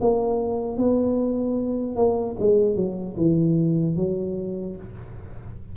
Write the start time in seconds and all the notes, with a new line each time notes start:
0.00 A#3
0.77 B3
1.96 A#3
2.39 G#3
2.75 F#3
3.16 E3
3.96 F#3